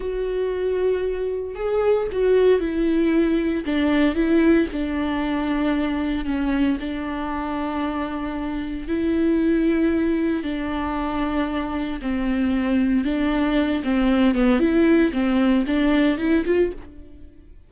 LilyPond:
\new Staff \with { instrumentName = "viola" } { \time 4/4 \tempo 4 = 115 fis'2. gis'4 | fis'4 e'2 d'4 | e'4 d'2. | cis'4 d'2.~ |
d'4 e'2. | d'2. c'4~ | c'4 d'4. c'4 b8 | e'4 c'4 d'4 e'8 f'8 | }